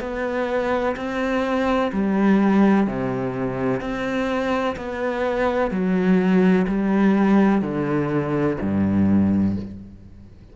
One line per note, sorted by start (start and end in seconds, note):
0.00 0.95 B3
0.96 1.91 C4
1.92 2.87 G3
2.87 3.81 C3
3.81 4.76 C4
4.76 5.71 B3
5.71 6.66 F#3
6.67 7.62 G3
7.62 8.57 D3
8.61 9.56 G2